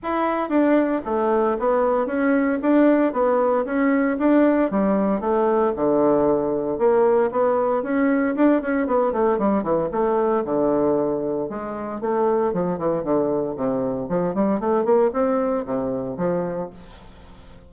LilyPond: \new Staff \with { instrumentName = "bassoon" } { \time 4/4 \tempo 4 = 115 e'4 d'4 a4 b4 | cis'4 d'4 b4 cis'4 | d'4 g4 a4 d4~ | d4 ais4 b4 cis'4 |
d'8 cis'8 b8 a8 g8 e8 a4 | d2 gis4 a4 | f8 e8 d4 c4 f8 g8 | a8 ais8 c'4 c4 f4 | }